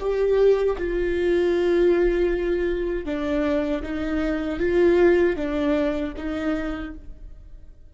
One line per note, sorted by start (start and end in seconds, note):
0.00 0.77 G4
0.78 3.06 F4
3.06 3.83 D4
3.83 4.60 D#4
4.60 5.36 F4
5.36 6.13 D4
6.17 6.94 D#4